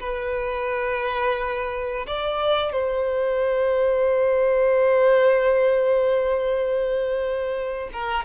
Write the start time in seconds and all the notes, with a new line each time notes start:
0.00 B4
2.07 D5
2.73 C5
7.93 A#4